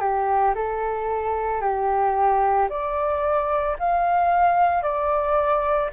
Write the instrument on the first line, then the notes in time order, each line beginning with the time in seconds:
flute
0.00 G4
0.55 A4
1.61 G4
2.69 D5
3.79 F5
4.82 D5